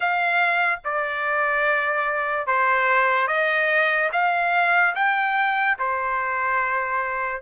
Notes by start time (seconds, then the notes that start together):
0.00 F5
0.84 D5
2.47 C5
3.27 D#5
4.12 F5
4.95 G5
5.78 C5